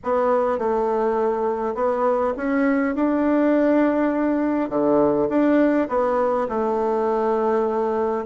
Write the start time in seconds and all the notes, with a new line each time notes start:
0.03 B3
0.58 A3
1.75 B3
2.36 C#4
2.95 D4
4.69 D3
5.29 D4
5.88 B3
6.49 A3